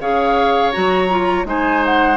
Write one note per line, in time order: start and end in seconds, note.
0.00 0.73 C#3
0.00 0.72 G#4
0.00 1.47 C#5
0.00 0.71 F5
0.71 1.44 F#3
0.71 1.09 F#4
0.71 1.45 A#5
1.09 1.45 F4
1.44 2.16 G#3
1.44 2.16 D#4
1.44 2.16 C5
1.44 1.85 G#5
1.85 2.16 F#5